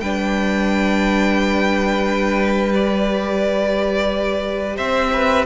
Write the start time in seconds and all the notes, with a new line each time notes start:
0.00 G3 D4 B4 G5
2.74 G4 D5
4.76 C4 C5 E5
5.13 B4